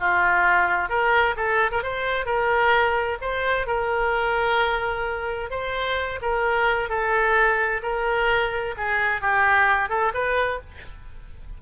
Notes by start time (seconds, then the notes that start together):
0.00 F4
0.89 A#4
1.36 A4
1.72 A#4
1.83 C5
2.26 A#4
3.21 C5
3.67 A#4
5.50 C5
6.22 A#4
6.89 A4
7.83 A#4
8.77 G#4
9.21 G4
9.89 A4
10.14 B4